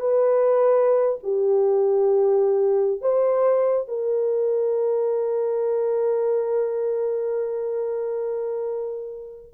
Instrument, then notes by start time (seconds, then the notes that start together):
horn
0.00 B4
1.23 G4
3.01 C5
3.88 A#4